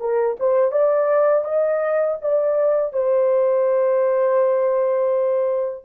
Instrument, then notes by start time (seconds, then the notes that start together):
horn
0.00 A#4
0.40 C5
0.72 D5
1.44 D#5
2.22 D5
2.93 C5